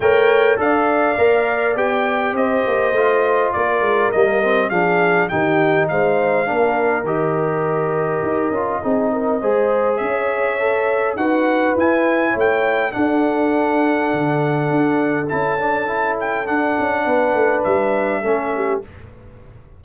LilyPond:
<<
  \new Staff \with { instrumentName = "trumpet" } { \time 4/4 \tempo 4 = 102 g''4 f''2 g''4 | dis''2 d''4 dis''4 | f''4 g''4 f''2 | dis''1~ |
dis''4 e''2 fis''4 | gis''4 g''4 fis''2~ | fis''2 a''4. g''8 | fis''2 e''2 | }
  \new Staff \with { instrumentName = "horn" } { \time 4/4 cis''4 d''2. | c''2 ais'2 | gis'4 g'4 c''4 ais'4~ | ais'2. gis'8 ais'8 |
c''4 cis''2 b'4~ | b'4 cis''4 a'2~ | a'1~ | a'4 b'2 a'8 g'8 | }
  \new Staff \with { instrumentName = "trombone" } { \time 4/4 ais'4 a'4 ais'4 g'4~ | g'4 f'2 ais8 c'8 | d'4 dis'2 d'4 | g'2~ g'8 f'8 dis'4 |
gis'2 a'4 fis'4 | e'2 d'2~ | d'2 e'8 d'8 e'4 | d'2. cis'4 | }
  \new Staff \with { instrumentName = "tuba" } { \time 4/4 a4 d'4 ais4 b4 | c'8 ais8 a4 ais8 gis8 g4 | f4 dis4 gis4 ais4 | dis2 dis'8 cis'8 c'4 |
gis4 cis'2 dis'4 | e'4 a4 d'2 | d4 d'4 cis'2 | d'8 cis'8 b8 a8 g4 a4 | }
>>